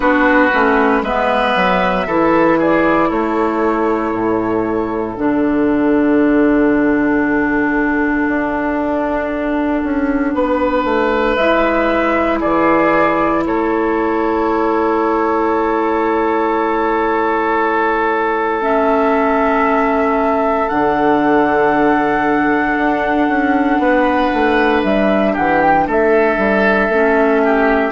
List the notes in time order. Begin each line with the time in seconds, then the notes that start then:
0.00 B3 D4 F#4 B4
0.52 A3 C#4
1.02 G#3 B3 B4 E5
1.55 F#3
2.06 E3 E4 A4
2.58 G#4 D5
3.08 A3 A4 C#5
4.12 A2
5.15 D3 D4 F#5
8.27 D4
9.83 C#4
10.34 B3 B4
10.84 A3
11.35 G#3 E4 E5
12.39 E3 G#4 D5
13.45 A3 A4 C#5
18.61 C#4 E5
20.68 D3 D4 F#5
22.77 D4
23.28 C#4
23.78 B3 B4
24.33 A3
24.83 G3 E5
25.33 E3 G4 F#5
25.61 G5
25.86 A3 A4 E5
26.37 G3
26.89 A3 C#4
27.44 G4